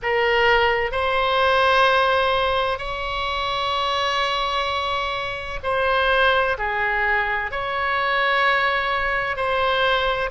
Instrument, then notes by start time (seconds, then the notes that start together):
oboe
0.02 A#4
0.91 C5
2.78 C#5
5.63 C5
6.58 G#4
7.51 C#5
9.36 C5